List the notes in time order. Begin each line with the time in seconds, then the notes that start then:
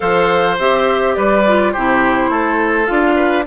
0.00 F3 A4 C5 F5
0.58 C4 G4 E5
1.14 G3 B4 D5
1.46 F4
1.72 C3 E4 G4 C5
2.29 A3 A4
2.86 D4 F4 F5
3.15 B4